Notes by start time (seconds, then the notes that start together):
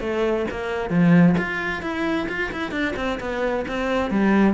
0.00 A3
0.50 A#3
0.90 F3
1.38 F4
1.82 E4
2.29 F4
2.52 E4
2.71 D4
2.96 C4
3.20 B3
3.68 C4
4.11 G3